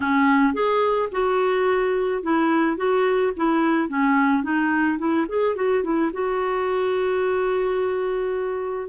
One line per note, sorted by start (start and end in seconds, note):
0.00 0.53 C#4
0.53 1.09 G#4
1.11 2.22 F#4
2.22 2.76 E4
2.76 3.32 F#4
3.36 3.88 E4
3.88 4.43 C#4
4.43 4.98 D#4
4.98 5.26 E4
5.28 5.55 G#4
5.55 5.83 F#4
5.83 6.11 E4
6.12 8.89 F#4